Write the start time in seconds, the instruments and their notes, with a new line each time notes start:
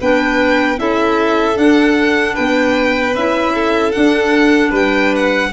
0.00 tuba B3, clarinet D4, violin B4 G5
0.77 tuba C#4, clarinet E4, violin A4 E5
1.54 clarinet D4, tuba D4, violin F#5
2.34 tuba B3, violin B4 G5
3.15 tuba C#4, clarinet E4, violin E5
3.54 violin A4
3.92 clarinet D4, tuba D4, violin F#5
4.70 tuba G3, violin B4 G5
5.15 violin F#5